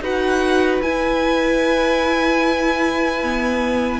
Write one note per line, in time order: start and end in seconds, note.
0.00 0.80 D#4
0.00 0.82 F#4
0.00 4.00 B4
0.00 0.82 F#5
0.82 3.22 E4
0.82 4.00 E4
0.82 4.00 G#5
3.22 4.00 B3